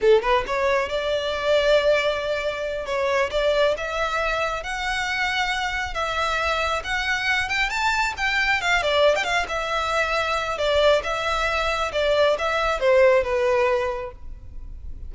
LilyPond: \new Staff \with { instrumentName = "violin" } { \time 4/4 \tempo 4 = 136 a'8 b'8 cis''4 d''2~ | d''2~ d''8 cis''4 d''8~ | d''8 e''2 fis''4.~ | fis''4. e''2 fis''8~ |
fis''4 g''8 a''4 g''4 f''8 | d''8. g''16 f''8 e''2~ e''8 | d''4 e''2 d''4 | e''4 c''4 b'2 | }